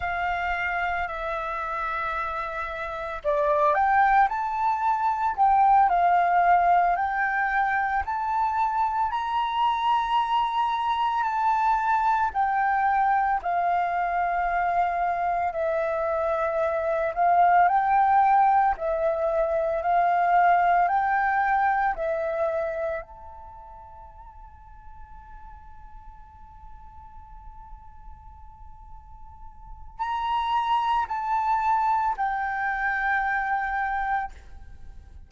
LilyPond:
\new Staff \with { instrumentName = "flute" } { \time 4/4 \tempo 4 = 56 f''4 e''2 d''8 g''8 | a''4 g''8 f''4 g''4 a''8~ | a''8 ais''2 a''4 g''8~ | g''8 f''2 e''4. |
f''8 g''4 e''4 f''4 g''8~ | g''8 e''4 a''2~ a''8~ | a''1 | ais''4 a''4 g''2 | }